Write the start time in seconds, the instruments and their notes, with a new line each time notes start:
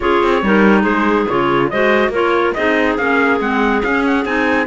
0.00 cello C#4, clarinet F4 G#4, trumpet C#5
0.22 cello C4
0.42 cello G3, clarinet D#4 A#4
0.81 cello G#3, clarinet G#4, trumpet C5
1.28 cello C#3, clarinet F4, trumpet C#5
1.70 cello G#3, clarinet F#4 C5, trumpet D#5
2.09 cello A#3, clarinet F4 A#4, trumpet C#5
2.54 cello C4, clarinet D#4 G#4, trumpet D#5
2.97 cello A#3, clarinet C#4, trumpet F5
3.40 cello G#3, clarinet C4, trumpet F#5
3.82 clarinet C#4, cello C#4, trumpet F5
4.06 trumpet F#5
4.25 cello C4, clarinet D#4, trumpet G#5